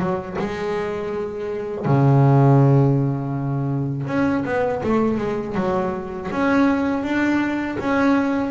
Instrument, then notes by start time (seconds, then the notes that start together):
double bass
0.00 F#3
0.39 G#3
1.86 C#3
4.07 C#4
4.45 B3
4.84 A3
5.18 G#3
5.55 F#3
6.32 C#4
7.04 D4
7.80 C#4